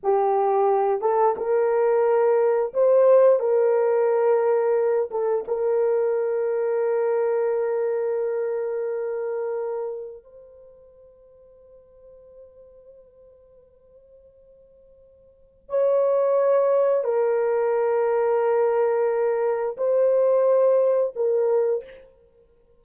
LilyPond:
\new Staff \with { instrumentName = "horn" } { \time 4/4 \tempo 4 = 88 g'4. a'8 ais'2 | c''4 ais'2~ ais'8 a'8 | ais'1~ | ais'2. c''4~ |
c''1~ | c''2. cis''4~ | cis''4 ais'2.~ | ais'4 c''2 ais'4 | }